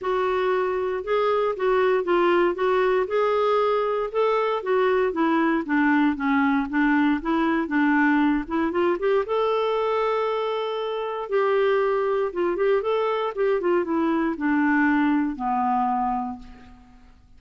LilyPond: \new Staff \with { instrumentName = "clarinet" } { \time 4/4 \tempo 4 = 117 fis'2 gis'4 fis'4 | f'4 fis'4 gis'2 | a'4 fis'4 e'4 d'4 | cis'4 d'4 e'4 d'4~ |
d'8 e'8 f'8 g'8 a'2~ | a'2 g'2 | f'8 g'8 a'4 g'8 f'8 e'4 | d'2 b2 | }